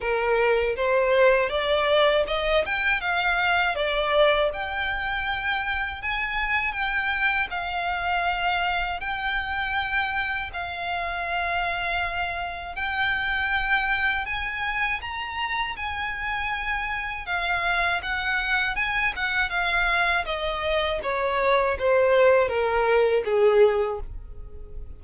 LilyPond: \new Staff \with { instrumentName = "violin" } { \time 4/4 \tempo 4 = 80 ais'4 c''4 d''4 dis''8 g''8 | f''4 d''4 g''2 | gis''4 g''4 f''2 | g''2 f''2~ |
f''4 g''2 gis''4 | ais''4 gis''2 f''4 | fis''4 gis''8 fis''8 f''4 dis''4 | cis''4 c''4 ais'4 gis'4 | }